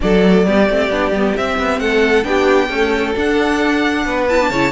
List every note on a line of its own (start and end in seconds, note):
0.00 0.47 F#3
0.00 0.22 D4
0.00 0.46 A4
0.00 1.37 D5
0.23 0.45 A3
0.46 0.69 G3
0.46 0.68 B3
0.46 1.81 G4
0.69 0.90 A3
0.69 0.91 C4
0.90 1.10 B3
0.90 1.13 D4
1.10 1.33 G3
1.10 1.35 B3
1.35 2.23 C4
1.35 1.58 C4
1.35 1.79 E5
1.58 1.79 B3
1.79 2.24 A3
1.79 2.27 A4
1.79 2.24 F#5
2.23 2.69 B3
2.23 2.68 D4
2.23 2.68 G4
2.23 3.14 G5
2.68 3.14 A3
2.68 3.14 C#4
2.68 4.04 A4
3.14 4.27 D4
3.14 4.05 D4
3.14 4.28 F#5
4.05 4.50 B3
4.05 4.50 B4
4.28 4.41 E4
4.28 4.71 A5
4.41 4.52 D4
4.50 4.71 C#3
4.50 4.71 E4
4.50 4.71 C#5